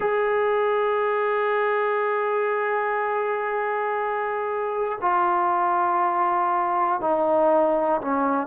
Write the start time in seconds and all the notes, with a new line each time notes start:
0.00 G#4
5.00 F4
7.00 D#4
8.01 C#4